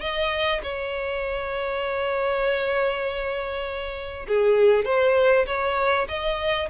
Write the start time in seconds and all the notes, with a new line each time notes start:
0.00 D#5
0.63 C#5
4.27 G#4
4.85 C5
5.46 C#5
6.08 D#5